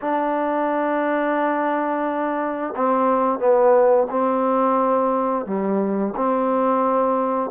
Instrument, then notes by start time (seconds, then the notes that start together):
trombone
0.01 D4
2.76 C4
3.39 B3
4.10 C4
5.45 G3
6.15 C4